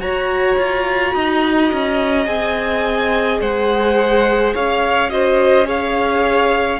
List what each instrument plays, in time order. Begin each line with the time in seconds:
0.00 cello F#4, viola F#4, violin C#5 A#5
0.57 cello F4
1.14 cello D#4, violin D#5
1.72 cello C#4
2.25 cello C4, viola G#4, violin G#5
3.40 cello G#3, violin C5 F#5
4.53 cello C#4, violin C#5 F5
5.09 viola F#4, violin C5 D#5
5.64 viola G#4, violin C#5 F5